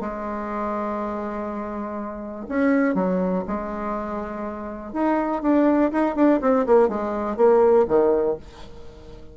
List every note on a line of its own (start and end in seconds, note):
0.00 2.46 G#3
2.48 2.94 C#4
2.94 3.43 F#3
3.47 4.92 G#3
4.92 5.42 D#4
5.42 5.91 D4
5.92 6.15 D#4
6.15 6.40 D4
6.41 6.65 C4
6.66 6.88 A#3
6.88 7.36 G#3
7.36 7.86 A#3
7.87 8.37 D#3